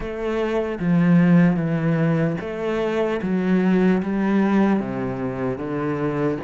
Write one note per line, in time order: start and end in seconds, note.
0.00 0.78 A3
0.79 1.56 F3
1.56 2.36 E3
2.40 3.20 A3
3.22 4.02 F#3
4.02 4.80 G3
4.80 5.58 C3
5.58 6.38 D3